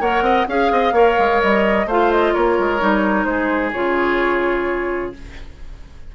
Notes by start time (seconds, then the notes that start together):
0.00 A#3 A#4 C#5 F#5
0.21 C4 D#5
0.48 C#4 G#4 F5
0.72 C4 D#5
0.92 A#3 A#4 C#5
1.18 G#3
1.42 G3 D#5
1.86 A3 F4 C5 F5
2.12 D#5
2.34 A#3 A#4 C#5
2.59 G#3
2.79 G3 D#4
3.24 G#3 G#4 C5
3.73 C#3 F4 C#5